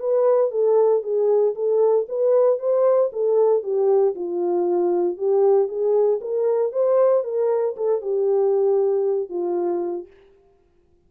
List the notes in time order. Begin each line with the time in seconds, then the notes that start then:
0.00 B4
0.51 A4
1.03 G#4
1.55 A4
2.09 B4
2.59 C5
3.13 A4
3.63 G4
4.15 F4
5.18 G4
5.68 G#4
6.21 A#4
6.73 C5
7.24 A#4
7.77 A4
8.02 G4
9.30 F4